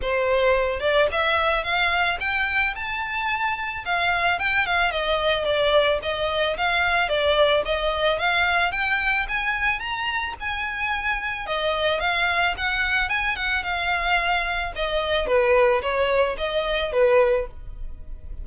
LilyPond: \new Staff \with { instrumentName = "violin" } { \time 4/4 \tempo 4 = 110 c''4. d''8 e''4 f''4 | g''4 a''2 f''4 | g''8 f''8 dis''4 d''4 dis''4 | f''4 d''4 dis''4 f''4 |
g''4 gis''4 ais''4 gis''4~ | gis''4 dis''4 f''4 fis''4 | gis''8 fis''8 f''2 dis''4 | b'4 cis''4 dis''4 b'4 | }